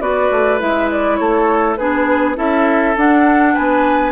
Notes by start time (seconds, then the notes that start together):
0.00 B3 F#4 B4 D5
0.31 A3
0.59 G#3 E4 E5
0.91 D5
1.16 A3 A4 C#5
1.76 B3 D4 G#4 B4
2.36 C#4 E4 A4 E5
2.96 D4 F#5
3.54 B3 B4 G#5